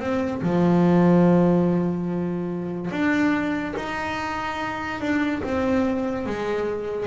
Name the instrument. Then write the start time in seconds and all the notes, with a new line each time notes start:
double bass
0.00 C4
0.42 F3
2.91 D4
3.76 D#4
5.00 D4
5.43 C4
6.26 G#3